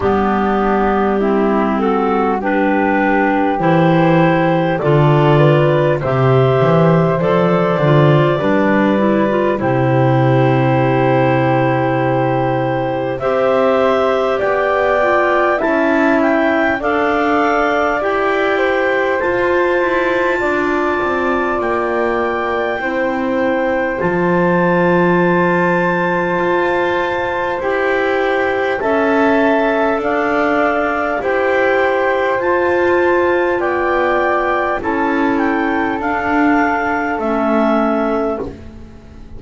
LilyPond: <<
  \new Staff \with { instrumentName = "clarinet" } { \time 4/4 \tempo 4 = 50 g'4. a'8 b'4 c''4 | d''4 e''4 d''2 | c''2. e''4 | g''4 a''8 g''8 f''4 g''4 |
a''2 g''2 | a''2. g''4 | a''4 f''4 g''4 a''4 | g''4 a''8 g''8 f''4 e''4 | }
  \new Staff \with { instrumentName = "flute" } { \time 4/4 d'4 e'8 fis'8 g'2 | a'8 b'8 c''2 b'4 | g'2. c''4 | d''4 e''4 d''4. c''8~ |
c''4 d''2 c''4~ | c''1 | e''4 d''4 c''2 | d''4 a'2. | }
  \new Staff \with { instrumentName = "clarinet" } { \time 4/4 b4 c'4 d'4 e'4 | f'4 g'4 a'8 f'8 d'8 e'16 f'16 | e'2. g'4~ | g'8 f'8 e'4 a'4 g'4 |
f'2. e'4 | f'2. g'4 | a'2 g'4 f'4~ | f'4 e'4 d'4 cis'4 | }
  \new Staff \with { instrumentName = "double bass" } { \time 4/4 g2. e4 | d4 c8 e8 f8 d8 g4 | c2. c'4 | b4 cis'4 d'4 e'4 |
f'8 e'8 d'8 c'8 ais4 c'4 | f2 f'4 e'4 | cis'4 d'4 e'4 f'4 | b4 cis'4 d'4 a4 | }
>>